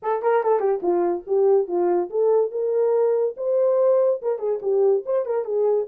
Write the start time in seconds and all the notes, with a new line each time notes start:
0.02 A4
0.22 A#4
0.43 A4
0.59 G4
0.82 F4
1.26 G4
1.67 F4
2.10 A4
2.51 A#4
3.36 C5
4.22 A#4
4.38 G#4
4.62 G4
5.05 C5
5.25 A#4
5.45 G#4